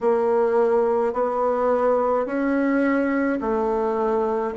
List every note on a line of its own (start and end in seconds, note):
0.01 1.13 A#3
1.13 2.26 B3
2.26 3.39 C#4
3.41 4.54 A3